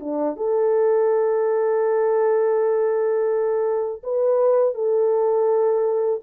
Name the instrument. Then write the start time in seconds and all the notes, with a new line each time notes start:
horn
0.00 D4
0.36 A4
4.03 B4
4.74 A4